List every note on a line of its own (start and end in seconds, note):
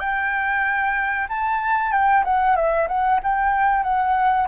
0.00 1.28 G5
1.29 1.92 A5
1.92 2.24 G5
2.25 2.56 F#5
2.56 2.88 E5
2.88 3.20 F#5
3.24 3.84 G5
3.84 4.47 F#5